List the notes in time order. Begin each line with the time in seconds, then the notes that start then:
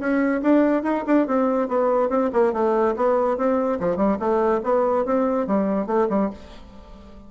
0.00 C#4
0.43 D4
0.84 D#4
1.07 D4
1.28 C4
1.69 B3
2.10 C4
2.33 A#3
2.53 A3
2.97 B3
3.38 C4
3.80 F3
3.97 G3
4.20 A3
4.64 B3
5.06 C4
5.48 G3
5.87 A3
6.10 G3